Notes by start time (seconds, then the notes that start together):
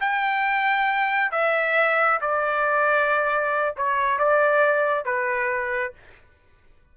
0.00 G5
1.31 E5
2.21 D5
3.77 C#5
4.19 D5
5.05 B4